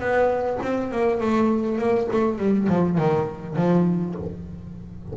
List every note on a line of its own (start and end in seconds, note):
0.00 0.59 B3
0.62 0.91 C4
0.91 1.21 A#3
1.21 1.78 A3
1.78 2.08 A#3
2.12 2.39 A3
2.39 2.68 G3
2.69 2.98 F3
2.98 3.56 D#3
3.56 4.15 F3